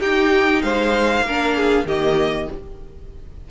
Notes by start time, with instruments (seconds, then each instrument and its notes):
0.00 cello D#4, viola D#4, violin G4 G5
0.62 cello G#3, violin C5 F5
1.21 cello A#3, violin A#4
1.28 viola D4
1.56 violin G#4
1.85 cello D#3, viola A#3, violin G4 D#5